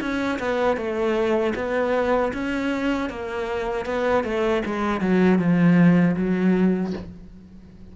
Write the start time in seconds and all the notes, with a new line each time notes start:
0.00 C#4
0.39 B3
0.77 A3
1.55 B3
2.33 C#4
3.09 A#3
3.85 B3
4.24 A3
4.65 G#3
5.01 F#3
5.38 F3
6.16 F#3